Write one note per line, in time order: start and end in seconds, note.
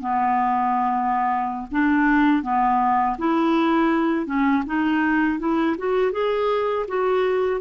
0.00 1.67 B3
1.71 2.42 D4
2.42 3.16 B3
3.18 4.26 E4
4.26 4.63 C#4
4.66 5.39 D#4
5.39 5.76 E4
5.77 6.11 F#4
6.11 6.86 G#4
6.88 7.61 F#4